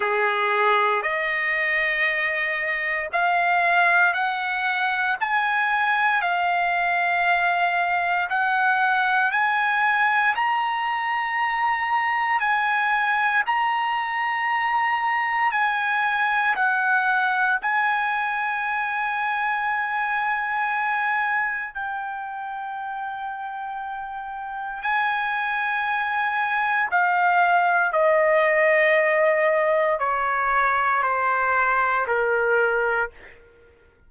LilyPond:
\new Staff \with { instrumentName = "trumpet" } { \time 4/4 \tempo 4 = 58 gis'4 dis''2 f''4 | fis''4 gis''4 f''2 | fis''4 gis''4 ais''2 | gis''4 ais''2 gis''4 |
fis''4 gis''2.~ | gis''4 g''2. | gis''2 f''4 dis''4~ | dis''4 cis''4 c''4 ais'4 | }